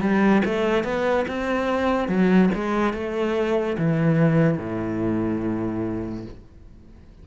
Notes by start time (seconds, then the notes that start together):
0.00 G3
0.45 A3
0.84 B3
1.28 C4
2.08 F#3
2.54 G#3
2.93 A3
3.77 E3
4.58 A2